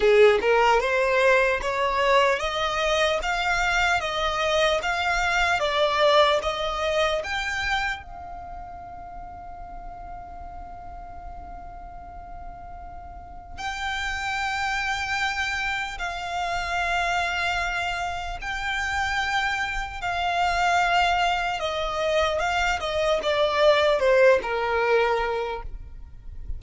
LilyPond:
\new Staff \with { instrumentName = "violin" } { \time 4/4 \tempo 4 = 75 gis'8 ais'8 c''4 cis''4 dis''4 | f''4 dis''4 f''4 d''4 | dis''4 g''4 f''2~ | f''1~ |
f''4 g''2. | f''2. g''4~ | g''4 f''2 dis''4 | f''8 dis''8 d''4 c''8 ais'4. | }